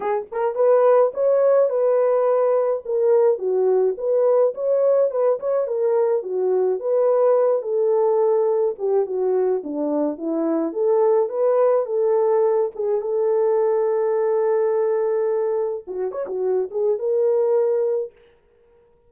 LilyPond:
\new Staff \with { instrumentName = "horn" } { \time 4/4 \tempo 4 = 106 gis'8 ais'8 b'4 cis''4 b'4~ | b'4 ais'4 fis'4 b'4 | cis''4 b'8 cis''8 ais'4 fis'4 | b'4. a'2 g'8 |
fis'4 d'4 e'4 a'4 | b'4 a'4. gis'8 a'4~ | a'1 | fis'8 cis''16 fis'8. gis'8 ais'2 | }